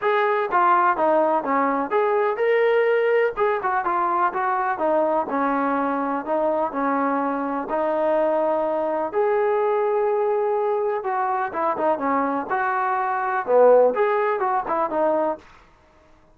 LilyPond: \new Staff \with { instrumentName = "trombone" } { \time 4/4 \tempo 4 = 125 gis'4 f'4 dis'4 cis'4 | gis'4 ais'2 gis'8 fis'8 | f'4 fis'4 dis'4 cis'4~ | cis'4 dis'4 cis'2 |
dis'2. gis'4~ | gis'2. fis'4 | e'8 dis'8 cis'4 fis'2 | b4 gis'4 fis'8 e'8 dis'4 | }